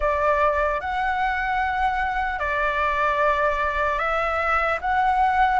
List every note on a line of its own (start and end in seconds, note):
0.00 0.80 D5
0.80 2.39 F#5
2.39 3.99 D5
3.99 4.79 E5
4.81 5.60 F#5